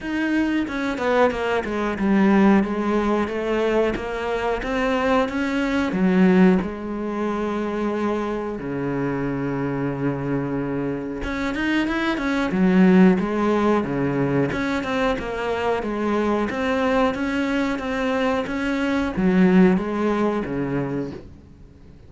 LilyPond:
\new Staff \with { instrumentName = "cello" } { \time 4/4 \tempo 4 = 91 dis'4 cis'8 b8 ais8 gis8 g4 | gis4 a4 ais4 c'4 | cis'4 fis4 gis2~ | gis4 cis2.~ |
cis4 cis'8 dis'8 e'8 cis'8 fis4 | gis4 cis4 cis'8 c'8 ais4 | gis4 c'4 cis'4 c'4 | cis'4 fis4 gis4 cis4 | }